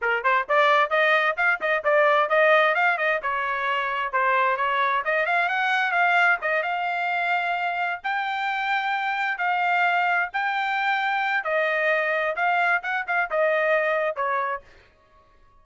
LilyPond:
\new Staff \with { instrumentName = "trumpet" } { \time 4/4 \tempo 4 = 131 ais'8 c''8 d''4 dis''4 f''8 dis''8 | d''4 dis''4 f''8 dis''8 cis''4~ | cis''4 c''4 cis''4 dis''8 f''8 | fis''4 f''4 dis''8 f''4.~ |
f''4. g''2~ g''8~ | g''8 f''2 g''4.~ | g''4 dis''2 f''4 | fis''8 f''8 dis''2 cis''4 | }